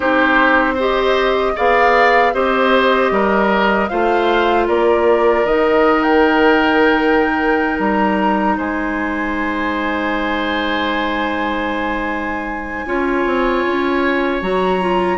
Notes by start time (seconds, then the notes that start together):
0.00 C4 D#4 G4 C5
0.74 G4 C5
0.80 D#5
1.55 B3 G#4 D5 F5
2.33 C4 G4 C5 D#5
3.11 G3 A#4
3.88 A3 F4 C5 F5
4.67 A#3 A#4 D5
5.44 D#3 D#4 D#5
6.02 G5
7.78 G3 A#5
8.57 G#3 C5 G#5
12.86 C#4 F4 C#5
13.25 C4
13.66 C#4
14.41 F#3 F#4 A#5
14.80 F4